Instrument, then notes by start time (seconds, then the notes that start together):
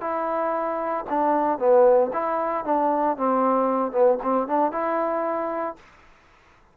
trombone
0.00 E4
1.09 D4
1.58 B3
2.12 E4
2.64 D4
3.17 C4
3.91 B3
4.23 C4
4.47 D4
4.71 E4